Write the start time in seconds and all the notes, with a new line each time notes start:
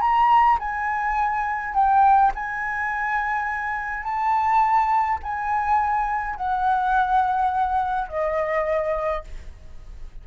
0.00 A#5
0.59 G#5
1.74 G5
2.34 G#5
4.03 A5
5.22 G#5
6.36 F#5
8.08 D#5